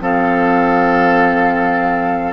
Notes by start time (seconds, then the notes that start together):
0.00 F3 C4 A4 F5